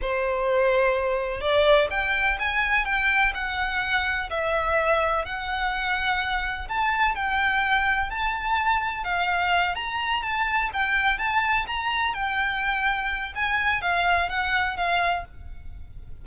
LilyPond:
\new Staff \with { instrumentName = "violin" } { \time 4/4 \tempo 4 = 126 c''2. d''4 | g''4 gis''4 g''4 fis''4~ | fis''4 e''2 fis''4~ | fis''2 a''4 g''4~ |
g''4 a''2 f''4~ | f''8 ais''4 a''4 g''4 a''8~ | a''8 ais''4 g''2~ g''8 | gis''4 f''4 fis''4 f''4 | }